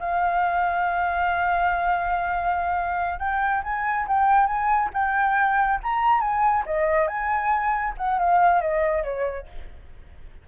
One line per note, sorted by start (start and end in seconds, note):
0.00 3.19 F5
3.19 3.63 G5
3.63 4.07 G#5
4.07 4.47 G5
4.47 4.90 G#5
4.94 5.80 G5
5.83 6.21 A#5
6.21 6.64 G#5
6.66 7.08 D#5
7.08 7.94 G#5
7.98 8.19 F#5
8.19 8.61 F5
8.61 9.04 D#5
9.04 9.47 C#5